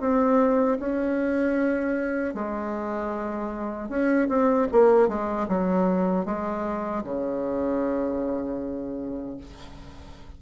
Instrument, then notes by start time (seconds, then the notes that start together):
bassoon
0.00 C4
0.79 C#4
2.34 G#3
3.89 C#4
4.29 C4
4.71 A#3
5.08 G#3
5.48 F#3
6.26 G#3
7.03 C#3